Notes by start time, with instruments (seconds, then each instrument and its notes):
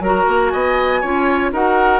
0.00 bassoon F#3, clarinet F#4, oboe A#4, flute A#5
0.28 bassoon A#3
0.49 bassoon B3, oboe D#5, flute G#5
1.01 bassoon C#4, clarinet F4, oboe C#5
1.52 bassoon D#4, clarinet F#4, oboe A#4, flute F#5